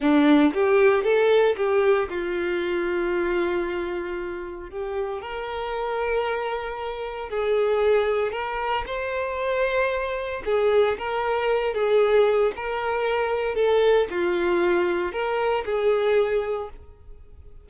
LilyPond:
\new Staff \with { instrumentName = "violin" } { \time 4/4 \tempo 4 = 115 d'4 g'4 a'4 g'4 | f'1~ | f'4 g'4 ais'2~ | ais'2 gis'2 |
ais'4 c''2. | gis'4 ais'4. gis'4. | ais'2 a'4 f'4~ | f'4 ais'4 gis'2 | }